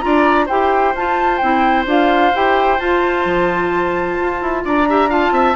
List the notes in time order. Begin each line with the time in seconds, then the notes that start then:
0.00 D4 F4 D5 A#5
0.46 E4 G4 C5 G5
0.95 F4 A5
1.37 C4 E4 G5
1.86 D4 F4 F5
2.34 E4 G4 G5
2.79 F4 A5
3.25 F3
4.20 F4
4.41 E4
4.64 D4 D5 A#5
4.89 G4 E5
5.09 F4 F5 A5
5.32 C4 E5